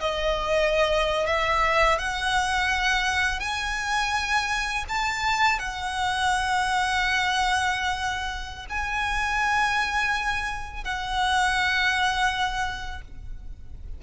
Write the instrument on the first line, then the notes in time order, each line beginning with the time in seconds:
violin
0.00 D#5
1.26 E5
1.98 F#5
3.39 G#5
4.88 A5
5.59 F#5
8.69 G#5
10.84 F#5